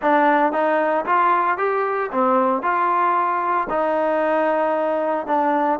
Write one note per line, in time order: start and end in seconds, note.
0.02 0.52 D4
0.52 1.05 D#4
1.05 1.57 F4
1.57 2.10 G4
2.11 2.62 C4
2.62 3.67 F4
3.69 5.27 D#4
5.27 5.79 D4